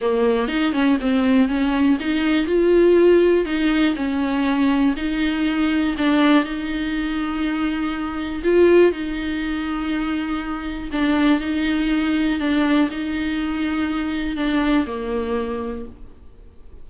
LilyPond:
\new Staff \with { instrumentName = "viola" } { \time 4/4 \tempo 4 = 121 ais4 dis'8 cis'8 c'4 cis'4 | dis'4 f'2 dis'4 | cis'2 dis'2 | d'4 dis'2.~ |
dis'4 f'4 dis'2~ | dis'2 d'4 dis'4~ | dis'4 d'4 dis'2~ | dis'4 d'4 ais2 | }